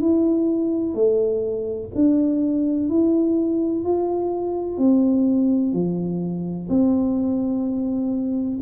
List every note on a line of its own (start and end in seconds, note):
0.00 0.94 E4
0.94 1.89 A3
1.94 2.89 D4
2.89 3.84 E4
3.84 4.77 F4
4.77 5.72 C4
5.72 6.68 F3
6.69 8.59 C4